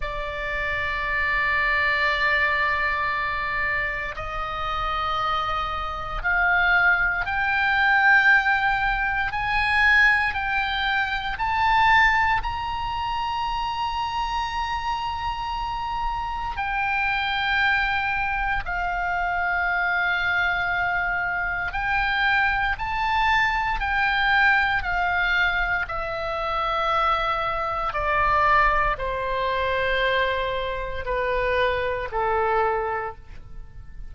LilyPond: \new Staff \with { instrumentName = "oboe" } { \time 4/4 \tempo 4 = 58 d''1 | dis''2 f''4 g''4~ | g''4 gis''4 g''4 a''4 | ais''1 |
g''2 f''2~ | f''4 g''4 a''4 g''4 | f''4 e''2 d''4 | c''2 b'4 a'4 | }